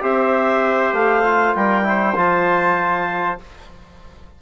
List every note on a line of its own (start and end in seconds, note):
0.00 0.93 C4
0.00 1.22 G4
0.00 1.56 C5
0.00 0.94 E5
0.93 1.54 A3
0.93 1.54 F5
1.23 1.83 F4
1.54 2.16 G3
1.54 1.87 A#4
1.54 2.16 G5
1.83 2.13 E4
1.83 3.41 C5
2.15 3.38 F3
2.15 3.38 F4
2.15 3.39 A5